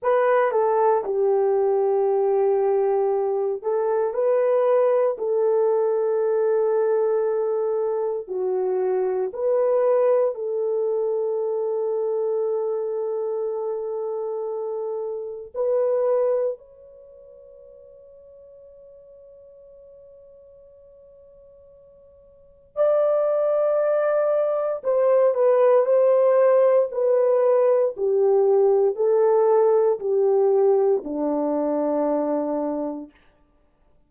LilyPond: \new Staff \with { instrumentName = "horn" } { \time 4/4 \tempo 4 = 58 b'8 a'8 g'2~ g'8 a'8 | b'4 a'2. | fis'4 b'4 a'2~ | a'2. b'4 |
cis''1~ | cis''2 d''2 | c''8 b'8 c''4 b'4 g'4 | a'4 g'4 d'2 | }